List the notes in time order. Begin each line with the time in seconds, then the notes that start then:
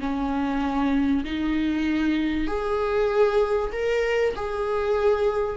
0.00 C#4
1.24 D#4
2.47 G#4
3.72 A#4
4.36 G#4